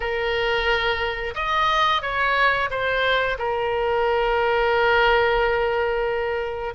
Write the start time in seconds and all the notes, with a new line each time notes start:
0.00 A#4
1.35 D#5
2.02 C#5
2.70 C5
3.38 A#4